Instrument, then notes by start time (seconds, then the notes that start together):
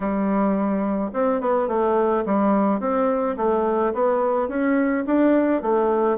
bassoon
0.00 G3
1.13 C4
1.40 B3
1.68 A3
2.25 G3
2.80 C4
3.36 A3
3.93 B3
4.48 C#4
5.06 D4
5.62 A3